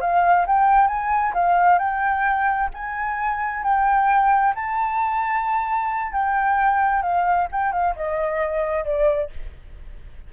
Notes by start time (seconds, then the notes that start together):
0.00 F5
0.46 G5
0.87 G#5
1.33 F5
1.78 G5
2.73 G#5
3.63 G5
4.55 A5
6.12 G5
7.02 F5
7.51 G5
7.72 F5
7.95 D#5
8.85 D5